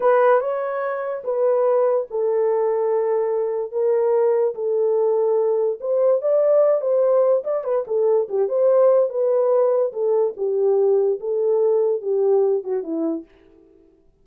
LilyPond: \new Staff \with { instrumentName = "horn" } { \time 4/4 \tempo 4 = 145 b'4 cis''2 b'4~ | b'4 a'2.~ | a'4 ais'2 a'4~ | a'2 c''4 d''4~ |
d''8 c''4. d''8 b'8 a'4 | g'8 c''4. b'2 | a'4 g'2 a'4~ | a'4 g'4. fis'8 e'4 | }